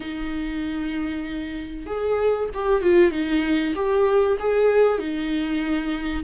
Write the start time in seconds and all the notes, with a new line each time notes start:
0.00 D#4
1.86 G#4
2.54 G4
2.82 F4
3.11 D#4
3.75 G4
4.39 G#4
4.98 D#4